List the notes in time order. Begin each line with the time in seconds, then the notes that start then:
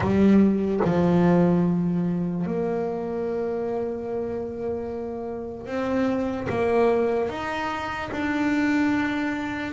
0.00 G3
0.84 F3
2.46 A#3
5.66 C4
6.49 A#3
7.29 D#4
8.11 D4